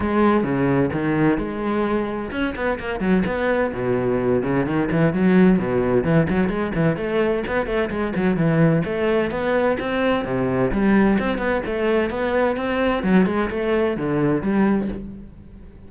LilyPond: \new Staff \with { instrumentName = "cello" } { \time 4/4 \tempo 4 = 129 gis4 cis4 dis4 gis4~ | gis4 cis'8 b8 ais8 fis8 b4 | b,4. cis8 dis8 e8 fis4 | b,4 e8 fis8 gis8 e8 a4 |
b8 a8 gis8 fis8 e4 a4 | b4 c'4 c4 g4 | c'8 b8 a4 b4 c'4 | fis8 gis8 a4 d4 g4 | }